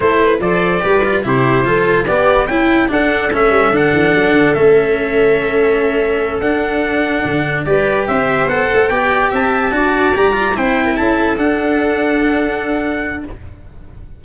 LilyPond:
<<
  \new Staff \with { instrumentName = "trumpet" } { \time 4/4 \tempo 4 = 145 c''4 d''2 c''4~ | c''4 d''4 g''4 fis''4 | e''4 fis''2 e''4~ | e''2.~ e''8 fis''8~ |
fis''2~ fis''8 d''4 e''8~ | e''8 fis''4 g''4 a''4.~ | a''8 ais''4 g''4 a''4 fis''8~ | fis''1 | }
  \new Staff \with { instrumentName = "viola" } { \time 4/4 a'8 b'8 c''4 b'4 g'4 | a'4 g'4 e'4 a'4~ | a'1~ | a'1~ |
a'2~ a'8 b'4 c''8~ | c''4. d''4 e''4 d''8~ | d''4. c''8. ais'16 a'4.~ | a'1 | }
  \new Staff \with { instrumentName = "cello" } { \time 4/4 e'4 a'4 g'8 f'8 e'4 | f'4 b4 e'4 d'4 | cis'4 d'2 cis'4~ | cis'2.~ cis'8 d'8~ |
d'2~ d'8 g'4.~ | g'8 a'4 g'2 fis'8~ | fis'8 g'8 f'8 e'2 d'8~ | d'1 | }
  \new Staff \with { instrumentName = "tuba" } { \time 4/4 a4 f4 g4 c4 | f4 b4 cis'4 d'4 | a8 g8 d8 e8 fis8 d8 a4~ | a2.~ a8 d'8~ |
d'4. d4 g4 c'8~ | c'8 b8 a8 b4 c'4 d'8~ | d'8 g4 c'4 cis'4 d'8~ | d'1 | }
>>